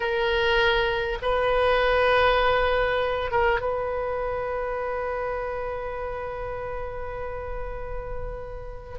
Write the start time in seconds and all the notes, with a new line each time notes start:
0.00 A#4
1.22 B4
3.31 A#4
3.61 B4